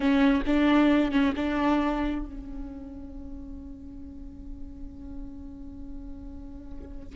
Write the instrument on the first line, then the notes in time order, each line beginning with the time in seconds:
viola
0.00 C#4
0.46 D4
1.11 C#4
1.36 D4
2.25 C#4